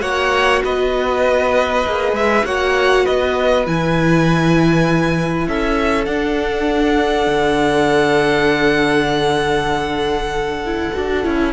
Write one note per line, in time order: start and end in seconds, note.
0.00 0.62 A#3
0.00 1.82 F#4
0.00 0.62 C#5
0.00 0.62 F#5
0.64 1.85 B3
0.64 2.45 B4
0.64 2.16 D#5
1.85 2.12 A#3
1.85 2.45 G#4
2.12 2.42 G#3
2.12 2.46 E5
2.45 3.05 A#3
2.45 3.65 F#4
2.45 3.05 C#5
2.45 3.06 F#5
3.05 3.67 B3
3.05 5.47 B4
3.05 3.66 D#5
3.65 5.47 E3
3.65 6.06 E4
3.65 5.48 G#5
5.47 6.07 C#4
5.47 11.52 A4
5.47 6.05 E5
6.05 10.61 D4
6.05 7.27 D4
6.05 11.51 F#5
7.27 10.90 D3
10.66 10.93 E4
10.93 11.25 D4
10.93 11.23 F#4
11.23 11.52 C#4
11.23 11.52 E4